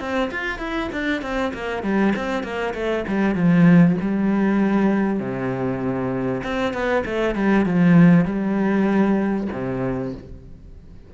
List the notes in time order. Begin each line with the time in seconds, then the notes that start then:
0.00 C4
0.31 F4
0.59 E4
0.93 D4
1.22 C4
1.54 A#3
1.83 G3
2.17 C4
2.44 A#3
2.75 A3
3.08 G3
3.36 F3
4.01 G3
5.20 C3
6.44 C4
6.74 B3
7.06 A3
7.36 G3
7.66 F3
8.26 G3
9.53 C3